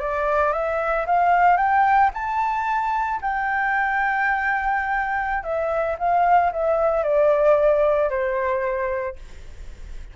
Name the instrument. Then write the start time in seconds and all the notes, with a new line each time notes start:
flute
0.00 D5
0.53 E5
1.06 F5
1.57 G5
2.14 A5
3.21 G5
5.44 E5
5.99 F5
6.52 E5
7.04 D5
8.10 C5